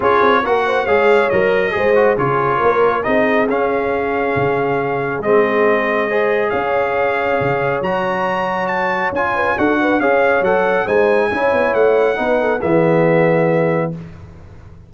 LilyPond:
<<
  \new Staff \with { instrumentName = "trumpet" } { \time 4/4 \tempo 4 = 138 cis''4 fis''4 f''4 dis''4~ | dis''4 cis''2 dis''4 | f''1 | dis''2. f''4~ |
f''2 ais''2 | a''4 gis''4 fis''4 f''4 | fis''4 gis''2 fis''4~ | fis''4 e''2. | }
  \new Staff \with { instrumentName = "horn" } { \time 4/4 gis'4 ais'8 c''8 cis''2 | c''4 gis'4 ais'4 gis'4~ | gis'1~ | gis'2 c''4 cis''4~ |
cis''1~ | cis''4. b'8 a'8 b'8 cis''4~ | cis''4 c''4 cis''2 | b'8 a'8 gis'2. | }
  \new Staff \with { instrumentName = "trombone" } { \time 4/4 f'4 fis'4 gis'4 ais'4 | gis'8 fis'8 f'2 dis'4 | cis'1 | c'2 gis'2~ |
gis'2 fis'2~ | fis'4 f'4 fis'4 gis'4 | a'4 dis'4 e'2 | dis'4 b2. | }
  \new Staff \with { instrumentName = "tuba" } { \time 4/4 cis'8 c'8 ais4 gis4 fis4 | gis4 cis4 ais4 c'4 | cis'2 cis2 | gis2. cis'4~ |
cis'4 cis4 fis2~ | fis4 cis'4 d'4 cis'4 | fis4 gis4 cis'8 b8 a4 | b4 e2. | }
>>